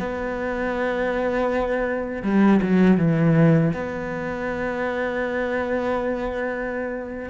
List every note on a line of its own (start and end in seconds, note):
0.00 2.23 B3
2.23 2.61 G3
2.63 2.98 F#3
2.98 3.73 E3
3.74 7.30 B3